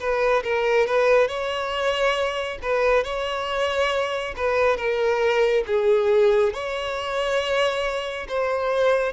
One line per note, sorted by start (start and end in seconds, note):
0.00 0.43 B4
0.44 0.87 A#4
0.87 1.28 B4
1.28 2.59 C#5
2.63 3.04 B4
3.04 4.35 C#5
4.37 4.77 B4
4.77 5.64 A#4
5.67 6.54 G#4
6.54 8.28 C#5
8.29 9.13 C5